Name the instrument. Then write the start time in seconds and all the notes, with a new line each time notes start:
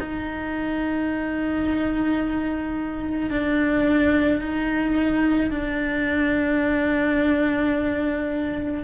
cello
0.00 D#4
3.30 D4
4.41 D#4
5.51 D4